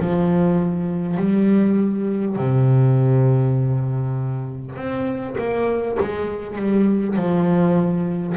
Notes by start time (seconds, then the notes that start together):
0.00 F3
1.17 G3
2.36 C3
4.76 C4
5.38 A#3
6.00 G#3
6.56 G3
7.17 F3